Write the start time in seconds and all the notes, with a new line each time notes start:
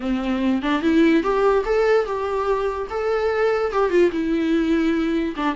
0.00 C4
0.62 D4
0.82 E4
1.23 G4
1.65 A4
2.05 G4
2.90 A4
3.72 G4
3.89 F4
4.11 E4
5.36 D4